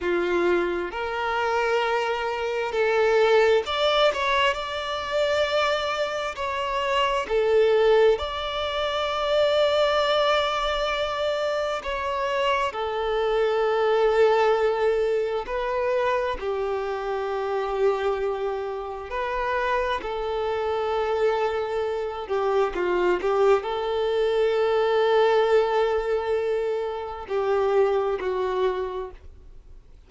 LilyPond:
\new Staff \with { instrumentName = "violin" } { \time 4/4 \tempo 4 = 66 f'4 ais'2 a'4 | d''8 cis''8 d''2 cis''4 | a'4 d''2.~ | d''4 cis''4 a'2~ |
a'4 b'4 g'2~ | g'4 b'4 a'2~ | a'8 g'8 f'8 g'8 a'2~ | a'2 g'4 fis'4 | }